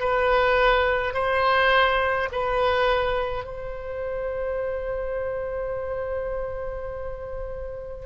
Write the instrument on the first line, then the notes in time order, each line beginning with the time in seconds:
oboe
0.00 B4
1.14 C5
2.32 B4
3.45 C5